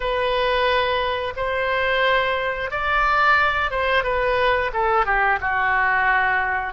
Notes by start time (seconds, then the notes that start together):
0.00 B4
1.36 C5
2.70 D5
3.70 C5
4.03 B4
4.73 A4
5.05 G4
5.41 F#4